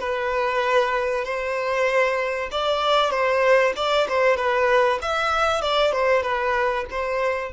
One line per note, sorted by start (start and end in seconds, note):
0.00 1.25 B4
1.25 2.50 C5
2.52 3.11 D5
3.11 3.73 C5
3.76 4.08 D5
4.09 4.37 C5
4.37 4.99 B4
5.02 5.62 E5
5.62 5.93 D5
5.93 6.23 C5
6.23 6.85 B4
6.91 7.53 C5